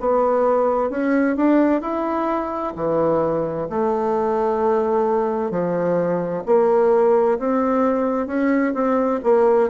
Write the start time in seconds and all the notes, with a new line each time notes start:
0.00 B3
0.90 C#4
1.36 D4
1.81 E4
2.76 E3
3.70 A3
5.51 F3
6.46 A#3
7.39 C4
8.27 C#4
8.74 C4
9.23 A#3